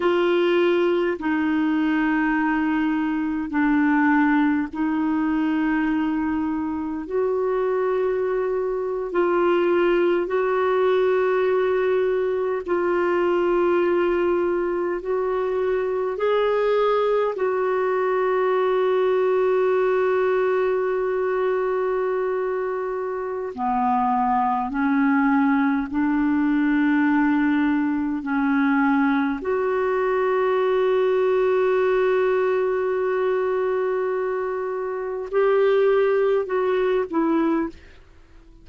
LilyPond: \new Staff \with { instrumentName = "clarinet" } { \time 4/4 \tempo 4 = 51 f'4 dis'2 d'4 | dis'2 fis'4.~ fis'16 f'16~ | f'8. fis'2 f'4~ f'16~ | f'8. fis'4 gis'4 fis'4~ fis'16~ |
fis'1 | b4 cis'4 d'2 | cis'4 fis'2.~ | fis'2 g'4 fis'8 e'8 | }